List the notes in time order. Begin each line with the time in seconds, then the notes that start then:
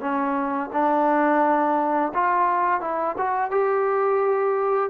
0.00 C#4
0.73 D4
2.14 F4
2.81 E4
3.17 F#4
3.50 G4